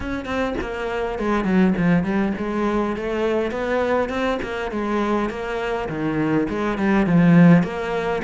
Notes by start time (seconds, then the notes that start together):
0.00 C#4
0.25 C4
0.61 A#3
1.18 G#3
1.44 F#3
1.77 F3
2.03 G3
2.37 G#3
2.96 A3
3.51 B3
4.09 C4
4.42 A#3
4.71 G#3
5.29 A#3
5.89 D#3
6.49 G#3
6.78 G3
7.06 F3
7.63 A#3